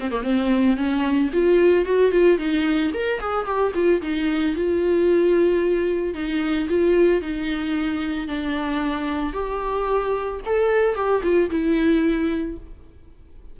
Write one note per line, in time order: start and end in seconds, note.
0.00 0.11 C4
0.11 0.23 A#3
0.23 0.76 C4
0.77 1.30 C#4
1.33 1.86 F4
1.86 2.11 F#4
2.11 2.38 F4
2.38 2.92 D#4
2.94 3.20 A#4
3.20 3.45 G#4
3.45 3.72 G4
3.75 4.01 F4
4.02 4.55 D#4
4.55 6.14 F4
6.14 6.68 D#4
6.69 7.22 F4
7.22 8.28 D#4
8.28 9.33 D4
9.33 10.40 G4
10.46 10.95 A4
10.95 11.22 G4
11.23 11.50 F4
11.50 12.57 E4